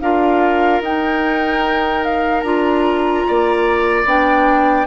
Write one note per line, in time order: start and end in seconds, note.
0.00 0.81 D4
0.00 0.83 F4
0.00 3.27 A#4
0.00 0.81 F5
0.81 2.43 D#4
0.81 2.44 D#4
0.81 2.05 G5
2.05 2.41 F5
2.41 3.24 D4
2.41 4.06 F4
2.41 4.03 A#5
3.28 4.05 A#3
3.28 4.87 D5
4.05 4.86 B3
4.05 4.87 D4
4.05 4.87 G5